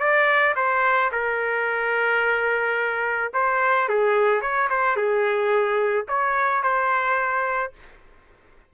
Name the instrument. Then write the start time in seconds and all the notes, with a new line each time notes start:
trumpet
0.00 D5
0.56 C5
1.13 A#4
3.34 C5
3.89 G#4
4.42 C#5
4.70 C5
4.97 G#4
6.09 C#5
6.63 C5